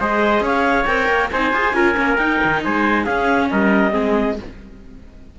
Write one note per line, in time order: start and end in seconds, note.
0.00 0.41 G#3
0.00 0.87 G#4
0.00 0.44 C5
0.00 0.45 D#5
0.41 0.85 C#4
0.41 1.31 C#5
0.41 0.85 F5
0.85 1.09 C4
0.85 1.31 A#4
0.85 1.29 G5
1.09 1.31 A#3
1.31 1.53 C4
1.31 1.54 D#4
1.31 1.75 C5
1.31 2.18 G#5
1.53 1.74 F4
1.53 1.75 G#4
1.74 1.95 C#4
1.74 1.95 F4
1.74 2.63 A#4
1.95 2.18 A#3
1.95 2.16 C#4
2.18 2.40 D#4
2.18 3.07 D#4
2.18 2.61 G5
2.44 2.66 D#3
2.64 3.06 G#3
2.64 3.05 C5
2.64 3.05 G#5
3.05 3.50 C#4
3.05 3.91 C#4
3.05 3.48 G#4
3.05 3.49 F5
3.50 3.95 G3
3.50 3.93 A#4
3.50 4.38 D#5
3.91 4.39 G#3
3.91 4.35 C4
3.91 4.37 G#4